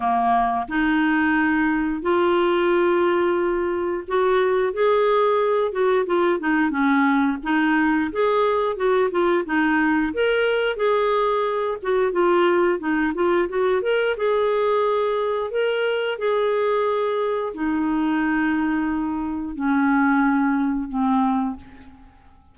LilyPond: \new Staff \with { instrumentName = "clarinet" } { \time 4/4 \tempo 4 = 89 ais4 dis'2 f'4~ | f'2 fis'4 gis'4~ | gis'8 fis'8 f'8 dis'8 cis'4 dis'4 | gis'4 fis'8 f'8 dis'4 ais'4 |
gis'4. fis'8 f'4 dis'8 f'8 | fis'8 ais'8 gis'2 ais'4 | gis'2 dis'2~ | dis'4 cis'2 c'4 | }